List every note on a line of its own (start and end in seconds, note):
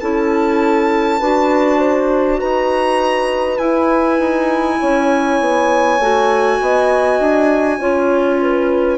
0.00 1.21 C#4
0.00 1.20 E4
0.00 1.19 A4
0.00 2.40 A5
1.19 2.41 D4
1.19 3.60 F#4
1.19 1.78 B4
1.78 2.38 C5
2.39 3.59 D#4
2.39 4.79 B4
2.39 3.58 A#5
3.58 4.19 E4
3.58 6.00 E4
3.58 8.98 G#5
4.19 4.79 D#4
4.79 5.40 C#4
4.79 6.59 C#5
5.40 5.99 B3
5.99 6.59 A3
5.99 7.81 F#4
6.61 7.19 B3
6.61 7.79 D#5
7.19 7.79 D4
7.79 8.98 C#4
7.79 8.98 F4
7.79 8.39 C#5
8.42 8.98 B4